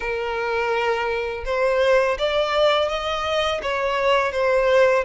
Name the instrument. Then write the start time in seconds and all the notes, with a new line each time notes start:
violin
0.00 A#4
1.45 C5
2.18 D5
2.88 D#5
3.62 C#5
4.32 C5